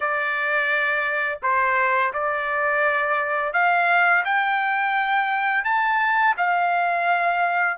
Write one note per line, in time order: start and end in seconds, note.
0.00 1.39 D5
1.42 2.12 C5
2.13 3.53 D5
3.53 4.24 F5
4.24 5.64 G5
5.64 6.35 A5
6.37 7.77 F5